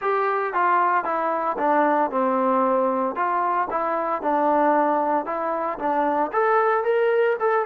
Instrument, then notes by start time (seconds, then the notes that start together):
trombone
0.00 G4
0.53 F4
1.04 E4
1.58 D4
2.11 C4
3.15 F4
3.70 E4
4.22 D4
5.25 E4
5.78 D4
6.32 A4
6.84 A#4
7.39 A4